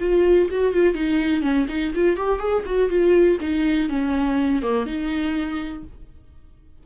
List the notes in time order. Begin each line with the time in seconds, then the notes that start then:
0.00 F4
0.50 F#4
0.73 F4
0.94 D#4
1.42 C#4
1.69 D#4
1.95 F4
2.17 G4
2.39 G#4
2.66 F#4
2.90 F4
3.41 D#4
3.89 C#4
4.63 A#3
4.86 D#4